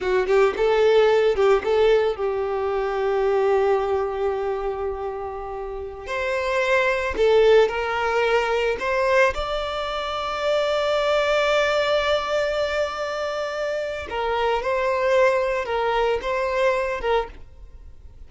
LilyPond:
\new Staff \with { instrumentName = "violin" } { \time 4/4 \tempo 4 = 111 fis'8 g'8 a'4. g'8 a'4 | g'1~ | g'2.~ g'16 c''8.~ | c''4~ c''16 a'4 ais'4.~ ais'16~ |
ais'16 c''4 d''2~ d''8.~ | d''1~ | d''2 ais'4 c''4~ | c''4 ais'4 c''4. ais'8 | }